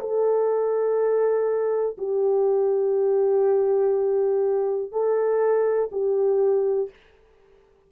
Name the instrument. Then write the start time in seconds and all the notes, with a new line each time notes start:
horn
0.00 A4
1.98 G4
4.92 A4
5.92 G4